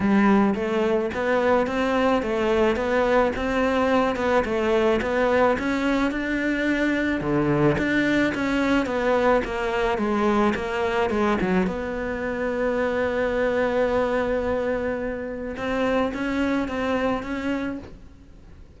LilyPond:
\new Staff \with { instrumentName = "cello" } { \time 4/4 \tempo 4 = 108 g4 a4 b4 c'4 | a4 b4 c'4. b8 | a4 b4 cis'4 d'4~ | d'4 d4 d'4 cis'4 |
b4 ais4 gis4 ais4 | gis8 fis8 b2.~ | b1 | c'4 cis'4 c'4 cis'4 | }